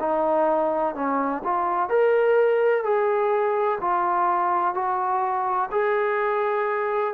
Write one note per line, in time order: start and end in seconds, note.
0.00 0.95 D#4
0.95 1.43 C#4
1.45 1.90 F4
1.90 2.84 A#4
2.84 3.79 G#4
3.81 4.75 F4
4.75 5.70 F#4
5.72 7.14 G#4